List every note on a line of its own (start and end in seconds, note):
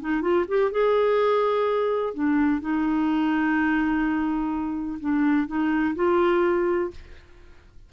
0.00 0.21 D#4
0.21 0.45 F4
0.48 0.71 G4
0.71 2.14 G#4
2.14 2.60 D4
2.60 4.98 D#4
5.00 5.47 D4
5.47 5.94 D#4
5.95 6.90 F4